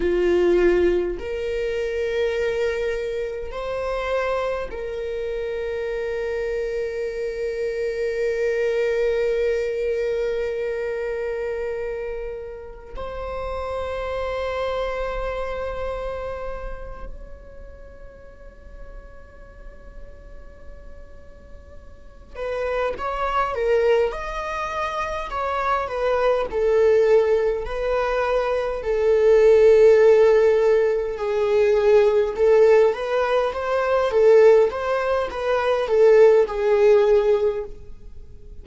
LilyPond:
\new Staff \with { instrumentName = "viola" } { \time 4/4 \tempo 4 = 51 f'4 ais'2 c''4 | ais'1~ | ais'2. c''4~ | c''2~ c''8 cis''4.~ |
cis''2. b'8 cis''8 | ais'8 dis''4 cis''8 b'8 a'4 b'8~ | b'8 a'2 gis'4 a'8 | b'8 c''8 a'8 c''8 b'8 a'8 gis'4 | }